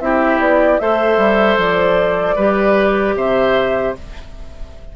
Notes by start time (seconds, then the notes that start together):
0.00 C4 E4 G4 E5
0.39 B3 D5
0.79 A3 A4 C5 E5
1.17 G3
1.57 F3 D5
2.36 G3 G4 B4
3.16 C3 C5 E5